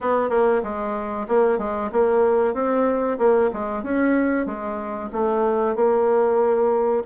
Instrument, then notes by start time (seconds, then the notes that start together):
bassoon
0.00 B3
0.29 A#3
0.63 G#3
1.28 A#3
1.58 G#3
1.91 A#3
2.54 C4
3.18 A#3
3.53 G#3
3.83 C#4
4.45 G#3
5.12 A3
5.75 A#3